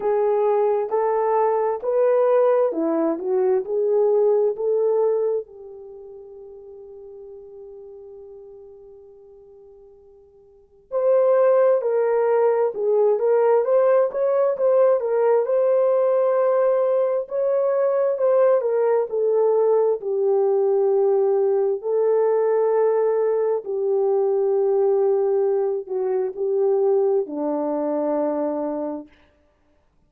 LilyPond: \new Staff \with { instrumentName = "horn" } { \time 4/4 \tempo 4 = 66 gis'4 a'4 b'4 e'8 fis'8 | gis'4 a'4 g'2~ | g'1 | c''4 ais'4 gis'8 ais'8 c''8 cis''8 |
c''8 ais'8 c''2 cis''4 | c''8 ais'8 a'4 g'2 | a'2 g'2~ | g'8 fis'8 g'4 d'2 | }